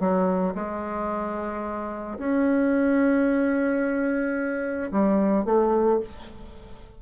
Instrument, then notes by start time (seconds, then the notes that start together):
bassoon
0.00 F#3
0.55 G#3
2.19 C#4
4.91 G3
5.45 A3